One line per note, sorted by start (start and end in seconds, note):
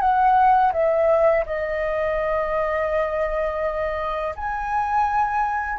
0.00 0.72 F#5
0.73 1.45 E5
1.46 4.35 D#5
4.36 5.79 G#5